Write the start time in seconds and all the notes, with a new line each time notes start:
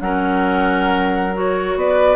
0.00 F#3 C#4 A#4 F#5
1.33 F#4 C#5
1.76 B3 B4 D5